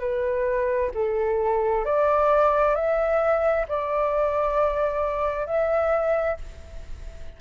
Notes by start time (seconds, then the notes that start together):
0.00 B4
0.95 A4
1.86 D5
2.75 E5
3.69 D5
5.46 E5